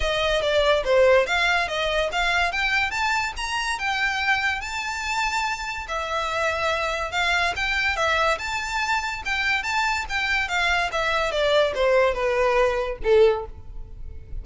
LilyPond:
\new Staff \with { instrumentName = "violin" } { \time 4/4 \tempo 4 = 143 dis''4 d''4 c''4 f''4 | dis''4 f''4 g''4 a''4 | ais''4 g''2 a''4~ | a''2 e''2~ |
e''4 f''4 g''4 e''4 | a''2 g''4 a''4 | g''4 f''4 e''4 d''4 | c''4 b'2 a'4 | }